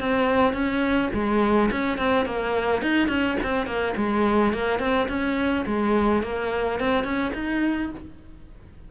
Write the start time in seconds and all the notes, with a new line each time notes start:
0.00 C4
0.53 C#4
1.14 G#3
1.71 C#4
1.98 C4
2.26 A#3
2.82 D#4
3.08 C#4
3.43 C4
3.66 A#3
3.97 G#3
4.53 A#3
4.79 C4
5.08 C#4
5.66 G#3
6.23 A#3
6.80 C4
7.04 C#4
7.34 D#4